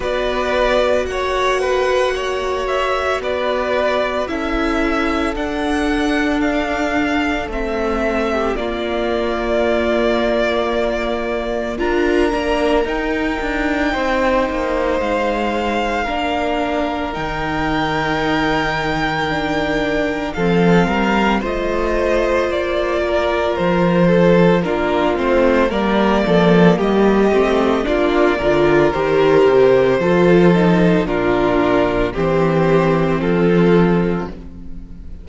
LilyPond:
<<
  \new Staff \with { instrumentName = "violin" } { \time 4/4 \tempo 4 = 56 d''4 fis''4. e''8 d''4 | e''4 fis''4 f''4 e''4 | d''2. ais''4 | g''2 f''2 |
g''2. f''4 | dis''4 d''4 c''4 ais'8 c''8 | d''4 dis''4 d''4 c''4~ | c''4 ais'4 c''4 a'4 | }
  \new Staff \with { instrumentName = "violin" } { \time 4/4 b'4 cis''8 b'8 cis''4 b'4 | a'2.~ a'8. g'16 | f'2. ais'4~ | ais'4 c''2 ais'4~ |
ais'2. a'8 ais'8 | c''4. ais'4 a'8 f'4 | ais'8 a'8 g'4 f'8 ais'4. | a'4 f'4 g'4 f'4 | }
  \new Staff \with { instrumentName = "viola" } { \time 4/4 fis'1 | e'4 d'2 c'4 | ais2. f'8 d'8 | dis'2. d'4 |
dis'2 d'4 c'4 | f'2. d'8 c'8 | ais4. c'8 d'8 f'8 g'4 | f'8 dis'8 d'4 c'2 | }
  \new Staff \with { instrumentName = "cello" } { \time 4/4 b4 ais2 b4 | cis'4 d'2 a4 | ais2. d'8 ais8 | dis'8 d'8 c'8 ais8 gis4 ais4 |
dis2. f8 g8 | a4 ais4 f4 ais8 a8 | g8 f8 g8 a8 ais8 d8 dis8 c8 | f4 ais,4 e4 f4 | }
>>